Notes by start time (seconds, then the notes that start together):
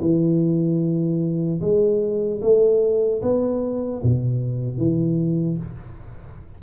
0.00 E3
1.60 G#3
2.41 A3
3.22 B3
4.02 B2
4.77 E3